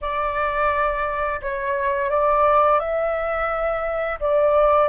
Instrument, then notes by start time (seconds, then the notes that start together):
flute
0.01 D5
1.41 C#5
2.10 D5
2.79 E5
4.20 D5